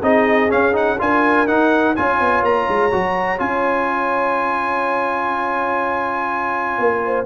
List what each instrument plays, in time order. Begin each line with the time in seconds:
0.00 tuba C4, trombone D#4, horn G#4, trumpet D#5
0.49 trombone C#4, tuba C#4, trumpet F5
0.73 trombone D#4, trumpet F#5
0.99 tuba D4, trombone F4, horn A#4, trumpet G#5
1.47 trombone D#4, tuba D#4, trumpet F#5
1.96 tuba C#4, trombone F4, horn C#5, trumpet G#5
2.20 tuba B3
2.42 tuba A#3, trumpet A#5
2.69 tuba G#3
2.92 tuba F#3, trombone F#4
3.38 tuba C#4, trombone F4, trumpet G#5
6.78 tuba A#3
7.05 horn C5